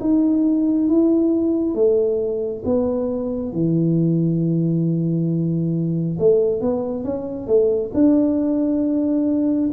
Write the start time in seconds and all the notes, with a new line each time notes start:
0.00 D#4
0.88 E4
1.74 A3
2.65 B3
3.52 E3
6.19 A3
6.61 B3
7.03 C#4
7.47 A3
7.94 D4